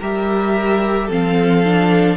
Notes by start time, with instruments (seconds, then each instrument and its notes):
0.00 cello G3, viola G4, violin A#4 E5
1.07 cello F3, viola C4, violin A4 F5
1.65 viola D4